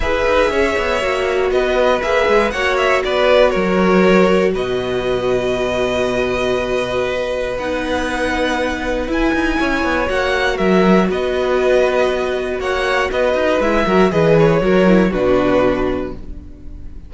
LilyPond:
<<
  \new Staff \with { instrumentName = "violin" } { \time 4/4 \tempo 4 = 119 e''2. dis''4 | e''4 fis''8 e''8 d''4 cis''4~ | cis''4 dis''2.~ | dis''2. fis''4~ |
fis''2 gis''2 | fis''4 e''4 dis''2~ | dis''4 fis''4 dis''4 e''4 | dis''8 cis''4. b'2 | }
  \new Staff \with { instrumentName = "violin" } { \time 4/4 b'4 cis''2 b'4~ | b'4 cis''4 b'4 ais'4~ | ais'4 b'2.~ | b'1~ |
b'2. cis''4~ | cis''4 ais'4 b'2~ | b'4 cis''4 b'4. ais'8 | b'4 ais'4 fis'2 | }
  \new Staff \with { instrumentName = "viola" } { \time 4/4 gis'2 fis'2 | gis'4 fis'2.~ | fis'1~ | fis'2. dis'4~ |
dis'2 e'2 | fis'1~ | fis'2. e'8 fis'8 | gis'4 fis'8 e'8 d'2 | }
  \new Staff \with { instrumentName = "cello" } { \time 4/4 e'8 dis'8 cis'8 b8 ais4 b4 | ais8 gis8 ais4 b4 fis4~ | fis4 b,2.~ | b,2. b4~ |
b2 e'8 dis'8 cis'8 b8 | ais4 fis4 b2~ | b4 ais4 b8 dis'8 gis8 fis8 | e4 fis4 b,2 | }
>>